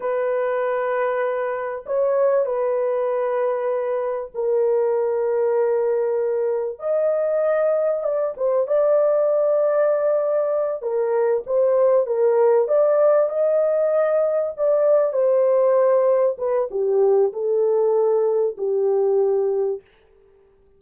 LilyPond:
\new Staff \with { instrumentName = "horn" } { \time 4/4 \tempo 4 = 97 b'2. cis''4 | b'2. ais'4~ | ais'2. dis''4~ | dis''4 d''8 c''8 d''2~ |
d''4. ais'4 c''4 ais'8~ | ais'8 d''4 dis''2 d''8~ | d''8 c''2 b'8 g'4 | a'2 g'2 | }